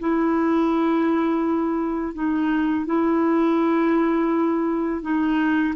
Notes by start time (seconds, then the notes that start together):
0.00 E4
2.15 D#4
2.86 E4
5.02 D#4